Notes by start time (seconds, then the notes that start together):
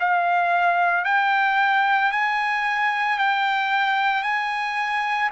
0.00 F5
1.05 G5
2.12 G#5
3.19 G5
4.23 G#5